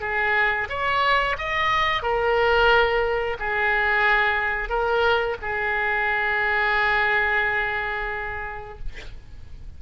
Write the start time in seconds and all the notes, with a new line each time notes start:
0.00 G#4
0.69 C#5
1.38 D#5
2.02 A#4
3.39 G#4
4.69 A#4
5.41 G#4